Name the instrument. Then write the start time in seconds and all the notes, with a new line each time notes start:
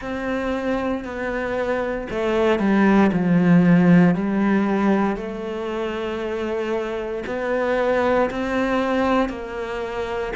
cello
0.01 C4
1.04 B3
2.10 A3
2.59 G3
3.12 F3
4.14 G3
5.16 A3
7.26 B3
8.30 C4
9.29 A#3